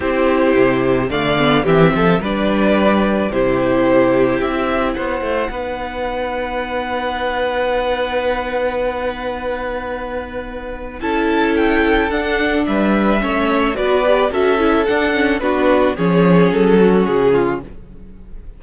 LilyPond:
<<
  \new Staff \with { instrumentName = "violin" } { \time 4/4 \tempo 4 = 109 c''2 f''4 e''4 | d''2 c''2 | e''4 fis''2.~ | fis''1~ |
fis''1 | a''4 g''4 fis''4 e''4~ | e''4 d''4 e''4 fis''4 | b'4 cis''4 a'4 gis'4 | }
  \new Staff \with { instrumentName = "violin" } { \time 4/4 g'2 d''4 g'8 a'8 | b'2 g'2~ | g'4 c''4 b'2~ | b'1~ |
b'1 | a'2. b'4 | cis''4 b'4 a'2 | fis'4 gis'4. fis'4 f'8 | }
  \new Staff \with { instrumentName = "viola" } { \time 4/4 e'2 a8 b8 c'4 | d'2 e'2~ | e'2 dis'2~ | dis'1~ |
dis'1 | e'2 d'2 | cis'4 fis'8 g'8 fis'8 e'8 d'8 cis'8 | d'4 cis'2. | }
  \new Staff \with { instrumentName = "cello" } { \time 4/4 c'4 c4 d4 e8 f8 | g2 c2 | c'4 b8 a8 b2~ | b1~ |
b1 | cis'2 d'4 g4 | a4 b4 cis'4 d'4 | b4 f4 fis4 cis4 | }
>>